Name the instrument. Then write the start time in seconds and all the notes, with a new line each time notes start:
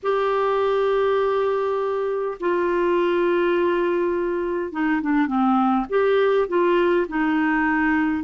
clarinet
0.02 G4
2.40 F4
4.72 D#4
5.01 D4
5.26 C4
5.89 G4
6.48 F4
7.07 D#4